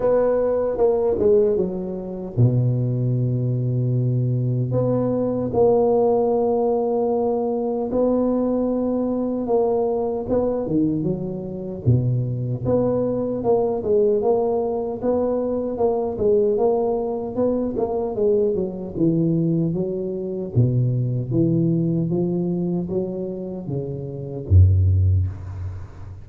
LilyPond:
\new Staff \with { instrumentName = "tuba" } { \time 4/4 \tempo 4 = 76 b4 ais8 gis8 fis4 b,4~ | b,2 b4 ais4~ | ais2 b2 | ais4 b8 dis8 fis4 b,4 |
b4 ais8 gis8 ais4 b4 | ais8 gis8 ais4 b8 ais8 gis8 fis8 | e4 fis4 b,4 e4 | f4 fis4 cis4 fis,4 | }